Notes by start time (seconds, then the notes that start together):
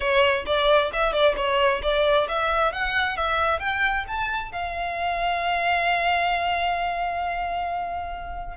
0.00 C#5
0.46 D5
0.92 E5
1.12 D5
1.36 C#5
1.82 D5
2.28 E5
2.72 F#5
3.16 E5
3.59 G5
4.07 A5
4.52 F5